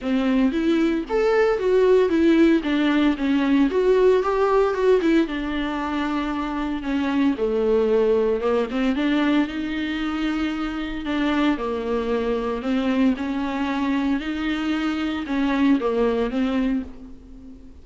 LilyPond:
\new Staff \with { instrumentName = "viola" } { \time 4/4 \tempo 4 = 114 c'4 e'4 a'4 fis'4 | e'4 d'4 cis'4 fis'4 | g'4 fis'8 e'8 d'2~ | d'4 cis'4 a2 |
ais8 c'8 d'4 dis'2~ | dis'4 d'4 ais2 | c'4 cis'2 dis'4~ | dis'4 cis'4 ais4 c'4 | }